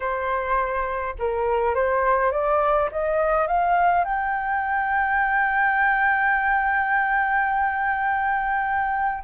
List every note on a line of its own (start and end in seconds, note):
0.00 1.15 C5
1.19 1.75 A#4
1.75 2.31 C5
2.31 2.89 D5
2.91 3.47 D#5
3.47 4.04 F5
4.04 9.23 G5